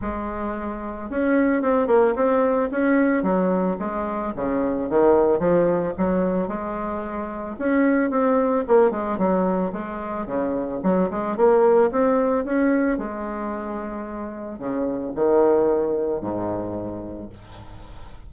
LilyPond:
\new Staff \with { instrumentName = "bassoon" } { \time 4/4 \tempo 4 = 111 gis2 cis'4 c'8 ais8 | c'4 cis'4 fis4 gis4 | cis4 dis4 f4 fis4 | gis2 cis'4 c'4 |
ais8 gis8 fis4 gis4 cis4 | fis8 gis8 ais4 c'4 cis'4 | gis2. cis4 | dis2 gis,2 | }